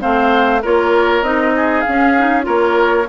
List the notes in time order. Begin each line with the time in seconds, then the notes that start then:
0.00 A3 C4 C5 F5
0.62 A#3 F4 A#4 C#5
1.22 C4 D#4 D#5
1.56 G#4
1.81 C#4 F5
1.88 C#4
2.18 D#4
2.42 A#3 F4 A#4 C#5